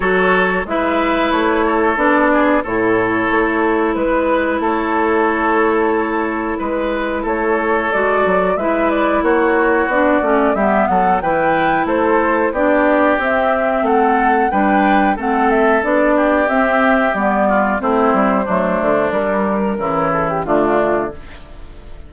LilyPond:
<<
  \new Staff \with { instrumentName = "flute" } { \time 4/4 \tempo 4 = 91 cis''4 e''4 cis''4 d''4 | cis''2 b'4 cis''4~ | cis''2 b'4 cis''4 | d''4 e''8 d''8 cis''4 d''4 |
e''8 fis''8 g''4 c''4 d''4 | e''4 fis''4 g''4 fis''8 e''8 | d''4 e''4 d''4 c''4~ | c''4 ais'4. a'16 g'16 f'4 | }
  \new Staff \with { instrumentName = "oboe" } { \time 4/4 a'4 b'4. a'4 gis'8 | a'2 b'4 a'4~ | a'2 b'4 a'4~ | a'4 b'4 fis'2 |
g'8 a'8 b'4 a'4 g'4~ | g'4 a'4 b'4 a'4~ | a'8 g'2 f'8 e'4 | d'2 e'4 d'4 | }
  \new Staff \with { instrumentName = "clarinet" } { \time 4/4 fis'4 e'2 d'4 | e'1~ | e'1 | fis'4 e'2 d'8 cis'8 |
b4 e'2 d'4 | c'2 d'4 c'4 | d'4 c'4 b4 c'4 | a4 g4 e4 a4 | }
  \new Staff \with { instrumentName = "bassoon" } { \time 4/4 fis4 gis4 a4 b4 | a,4 a4 gis4 a4~ | a2 gis4 a4 | gis8 fis8 gis4 ais4 b8 a8 |
g8 fis8 e4 a4 b4 | c'4 a4 g4 a4 | b4 c'4 g4 a8 g8 | fis8 d8 g4 cis4 d4 | }
>>